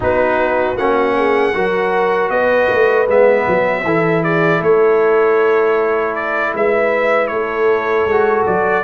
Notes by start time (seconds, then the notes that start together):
0.00 B3 D#4 F#4 B4
0.76 A#3 C#4 F#5
1.17 G#4
1.53 F#3 F#4 A#4
2.29 B3 B4 D#5
2.69 A3
3.07 G#3 B3 E5
3.47 F#3
3.84 E3 E4 A4
4.23 G#4 D5
4.58 A3 A4 C#5
6.15 D5
6.54 G#3 B4 E5
7.27 A3 A4 C#5
8.05 G#3 F#4
8.46 F#3 D5